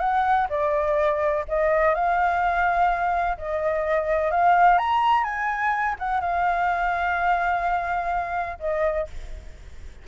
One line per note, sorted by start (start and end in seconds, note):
0.00 0.48 F#5
0.49 1.45 D5
1.48 1.94 D#5
1.94 3.37 F5
3.38 4.31 D#5
4.31 4.78 F5
4.78 5.24 A#5
5.24 5.95 G#5
5.99 6.21 F#5
6.21 8.59 F5
8.60 9.07 D#5